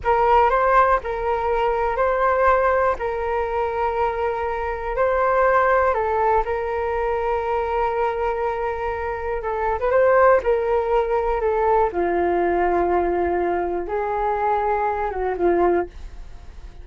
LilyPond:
\new Staff \with { instrumentName = "flute" } { \time 4/4 \tempo 4 = 121 ais'4 c''4 ais'2 | c''2 ais'2~ | ais'2 c''2 | a'4 ais'2.~ |
ais'2. a'8. b'16 | c''4 ais'2 a'4 | f'1 | gis'2~ gis'8 fis'8 f'4 | }